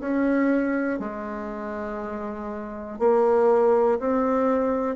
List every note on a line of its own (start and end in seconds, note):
0.00 1.00 C#4
1.00 2.99 G#3
2.99 3.99 A#3
4.00 4.96 C4